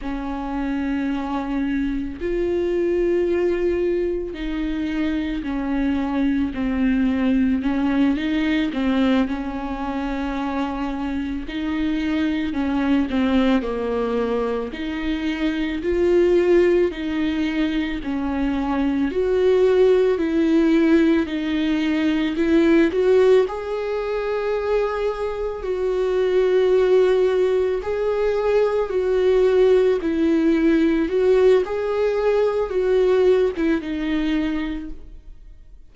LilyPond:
\new Staff \with { instrumentName = "viola" } { \time 4/4 \tempo 4 = 55 cis'2 f'2 | dis'4 cis'4 c'4 cis'8 dis'8 | c'8 cis'2 dis'4 cis'8 | c'8 ais4 dis'4 f'4 dis'8~ |
dis'8 cis'4 fis'4 e'4 dis'8~ | dis'8 e'8 fis'8 gis'2 fis'8~ | fis'4. gis'4 fis'4 e'8~ | e'8 fis'8 gis'4 fis'8. e'16 dis'4 | }